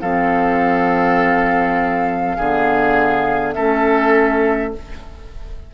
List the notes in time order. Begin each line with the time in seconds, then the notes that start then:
0.00 F3 C4 A4 F5
2.37 D3 B3 G#4
3.52 A3 C#4 A4 E5